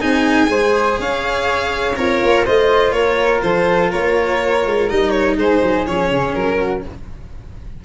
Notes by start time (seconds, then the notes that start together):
0.00 C4 D#4 G#4 G#5
0.47 G#3 G#4 C5
0.99 C#4 C#5 F5
1.96 C4 F4 A#4 C#5
2.22 A#3
2.45 A3 F4 C5 D#5
2.92 A#3 A#4 C#5
3.42 F3 A4 C5
3.91 A#3 A#4 C#5
4.65 G#3
4.89 G3 D#4 D#5
5.10 C#5
5.36 G#3 G#4 C5
5.63 F#3
5.86 F3 C#4 C#5
6.11 C#3
6.34 F#3 A#4
6.57 F#4